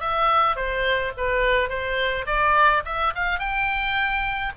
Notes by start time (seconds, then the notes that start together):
0.00 E5
0.56 C5
1.17 B4
1.69 C5
2.26 D5
2.85 E5
3.15 F5
3.39 G5